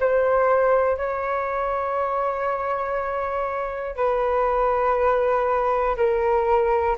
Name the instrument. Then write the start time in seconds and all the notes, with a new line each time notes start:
flute
0.00 C5
0.97 C#5
3.96 B4
5.96 A#4